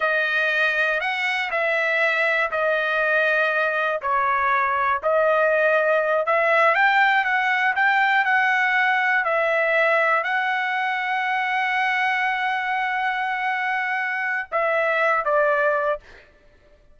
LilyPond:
\new Staff \with { instrumentName = "trumpet" } { \time 4/4 \tempo 4 = 120 dis''2 fis''4 e''4~ | e''4 dis''2. | cis''2 dis''2~ | dis''8 e''4 g''4 fis''4 g''8~ |
g''8 fis''2 e''4.~ | e''8 fis''2.~ fis''8~ | fis''1~ | fis''4 e''4. d''4. | }